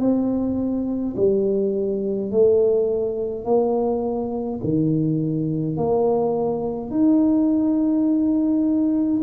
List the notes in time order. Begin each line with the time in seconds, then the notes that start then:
0.00 C4
1.16 G3
2.31 A3
3.45 A#3
4.64 D#3
5.77 A#3
6.91 D#4